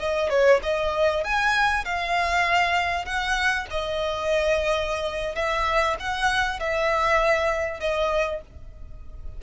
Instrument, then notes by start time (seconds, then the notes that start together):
violin
0.00 D#5
0.30 C#5
0.63 D#5
1.24 G#5
1.85 F5
3.06 F#5
3.71 D#5
5.36 E5
6.00 F#5
6.60 E5
7.81 D#5